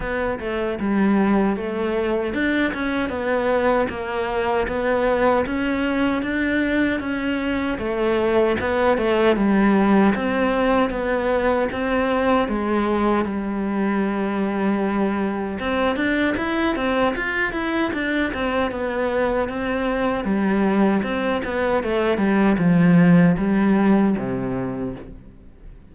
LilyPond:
\new Staff \with { instrumentName = "cello" } { \time 4/4 \tempo 4 = 77 b8 a8 g4 a4 d'8 cis'8 | b4 ais4 b4 cis'4 | d'4 cis'4 a4 b8 a8 | g4 c'4 b4 c'4 |
gis4 g2. | c'8 d'8 e'8 c'8 f'8 e'8 d'8 c'8 | b4 c'4 g4 c'8 b8 | a8 g8 f4 g4 c4 | }